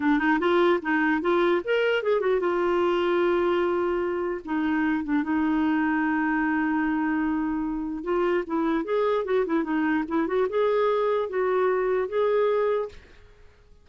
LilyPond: \new Staff \with { instrumentName = "clarinet" } { \time 4/4 \tempo 4 = 149 d'8 dis'8 f'4 dis'4 f'4 | ais'4 gis'8 fis'8 f'2~ | f'2. dis'4~ | dis'8 d'8 dis'2.~ |
dis'1 | f'4 e'4 gis'4 fis'8 e'8 | dis'4 e'8 fis'8 gis'2 | fis'2 gis'2 | }